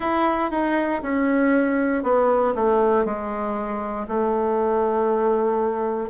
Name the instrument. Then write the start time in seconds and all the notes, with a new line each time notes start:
bassoon
0.00 E4
0.50 D#4
1.02 C#4
2.03 B3
2.55 A3
3.05 G#3
4.07 A3